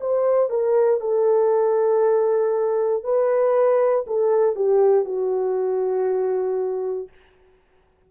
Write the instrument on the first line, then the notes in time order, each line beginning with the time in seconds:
horn
0.00 C5
0.49 A#4
1.00 A4
3.03 B4
4.07 A4
4.55 G4
5.05 F#4